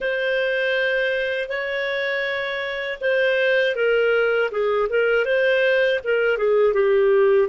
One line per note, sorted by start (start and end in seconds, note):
0.00 1.48 C5
1.48 2.98 C#5
3.00 3.75 C5
3.75 4.50 A#4
4.51 4.88 G#4
4.89 5.25 A#4
5.25 6.00 C5
6.03 6.38 A#4
6.38 6.73 G#4
6.73 7.48 G4